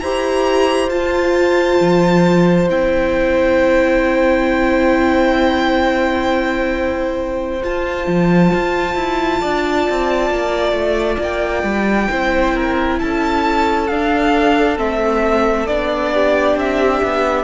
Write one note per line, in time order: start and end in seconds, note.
0.00 0.88 E4
0.00 0.91 G4
0.00 9.40 C5
0.00 0.90 A#5
0.88 1.78 F4
0.88 2.69 F4
0.88 2.69 A5
1.81 2.70 F3
2.69 7.63 C4
2.69 7.62 E4
2.69 7.63 G5
7.63 12.10 F4
7.63 8.07 F4
7.63 11.23 A5
8.07 8.52 F3
8.54 8.95 F4
8.95 9.40 E4
9.40 9.89 D4
9.40 12.09 D5
9.90 10.31 C4
10.31 10.73 A#3
10.73 11.18 A3
11.19 11.64 A#3
11.19 13.00 G5
11.64 12.08 G3
12.10 13.01 C4
12.10 13.90 E4
12.10 12.56 C5
12.56 13.00 A#4
13.00 13.91 C#4
13.00 16.13 A4
13.00 13.88 A5
13.88 14.77 D4
13.88 14.79 D4
13.88 14.77 F5
14.77 15.69 A3
14.77 15.67 C4
14.77 15.67 E5
15.67 16.56 B3
15.67 17.45 D4
15.67 16.57 D5
16.14 17.45 G4
16.56 17.01 C4
16.56 17.45 E5
17.03 17.45 B3